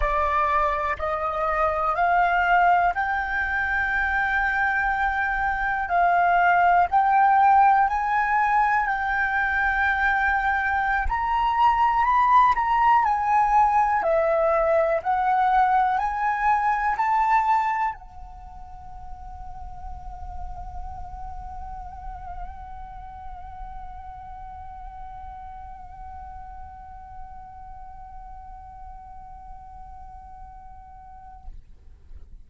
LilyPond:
\new Staff \with { instrumentName = "flute" } { \time 4/4 \tempo 4 = 61 d''4 dis''4 f''4 g''4~ | g''2 f''4 g''4 | gis''4 g''2~ g''16 ais''8.~ | ais''16 b''8 ais''8 gis''4 e''4 fis''8.~ |
fis''16 gis''4 a''4 fis''4.~ fis''16~ | fis''1~ | fis''1~ | fis''1 | }